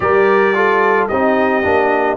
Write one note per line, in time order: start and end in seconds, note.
0.00 1.07 G3
0.00 0.54 G4
0.00 0.56 A#4
0.00 1.07 D5
0.54 1.09 F4
0.54 1.09 A4
1.08 1.65 C4
1.08 1.62 D#4
1.08 2.17 G4
1.08 2.17 D#5
1.62 2.17 A#3
1.62 2.17 D4